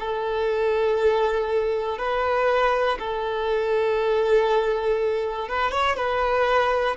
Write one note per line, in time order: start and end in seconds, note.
0.00 1.99 A4
1.99 2.99 B4
2.99 5.49 A4
5.49 5.72 B4
5.72 5.97 C#5
5.97 6.97 B4